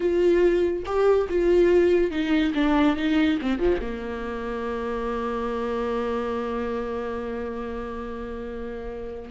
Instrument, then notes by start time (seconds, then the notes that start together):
viola
0.00 F4
0.85 G4
1.29 F4
2.10 D#4
2.54 D4
2.96 D#4
3.41 C4
3.59 F3
3.81 A#3